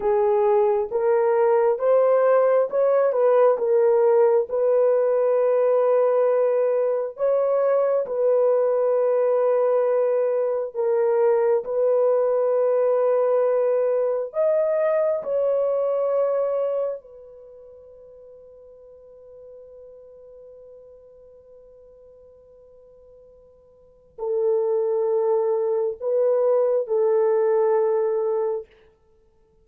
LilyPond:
\new Staff \with { instrumentName = "horn" } { \time 4/4 \tempo 4 = 67 gis'4 ais'4 c''4 cis''8 b'8 | ais'4 b'2. | cis''4 b'2. | ais'4 b'2. |
dis''4 cis''2 b'4~ | b'1~ | b'2. a'4~ | a'4 b'4 a'2 | }